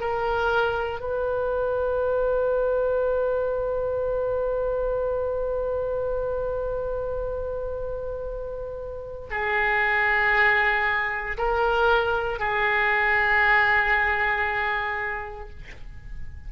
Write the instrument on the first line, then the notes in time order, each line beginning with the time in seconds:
oboe
0.00 A#4
1.00 B4
9.31 G#4
11.37 A#4
12.39 G#4